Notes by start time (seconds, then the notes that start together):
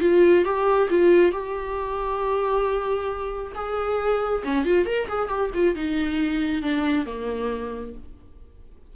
0.00 F4
0.44 G4
0.89 F4
1.32 G4
3.55 G#4
4.44 C#4
4.65 F4
4.85 A#4
5.08 G#4
5.28 G4
5.54 F4
5.75 D#4
6.62 D4
7.06 A#3